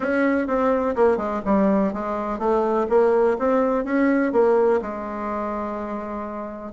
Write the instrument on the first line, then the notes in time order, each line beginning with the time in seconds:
bassoon
0.00 C#4
0.47 C4
0.95 A#3
1.17 G#3
1.45 G3
1.93 G#3
2.38 A3
2.89 A#3
3.38 C4
3.84 C#4
4.32 A#3
4.81 G#3